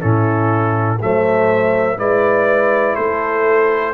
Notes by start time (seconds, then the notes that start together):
0.00 A2 C#4 E4 A4
1.00 F#3 A3 C5 E5
1.98 G#3 E4 B4 D5
2.96 A3 A4 C5